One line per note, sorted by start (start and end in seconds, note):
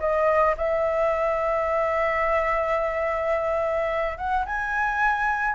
0.00 0.56 D#5
0.58 4.18 E5
4.18 4.45 F#5
4.46 5.55 G#5